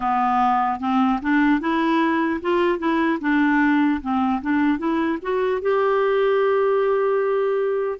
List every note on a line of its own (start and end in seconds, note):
0.00 0.80 B3
0.80 1.20 C4
1.22 1.60 D4
1.60 2.40 E4
2.41 2.78 F4
2.78 3.18 E4
3.20 4.00 D4
4.01 4.41 C4
4.41 4.78 D4
4.78 5.18 E4
5.21 5.61 F#4
5.61 7.99 G4